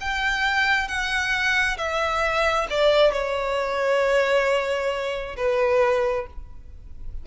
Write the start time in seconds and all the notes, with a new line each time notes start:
0.00 G5
0.88 F#5
1.77 E5
2.69 D5
3.12 C#5
5.36 B4